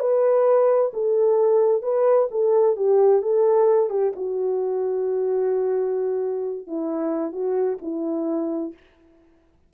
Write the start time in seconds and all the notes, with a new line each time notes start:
0.00 B4
0.94 A4
1.83 B4
2.31 A4
2.76 G4
3.22 A4
3.90 G4
4.16 F#4
6.67 E4
7.32 F#4
7.82 E4